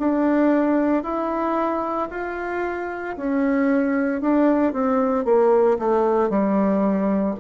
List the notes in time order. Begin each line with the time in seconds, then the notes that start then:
0.00 D4
1.04 E4
2.11 F4
3.17 C#4
4.22 D4
4.73 C4
5.25 A#3
5.79 A3
6.30 G3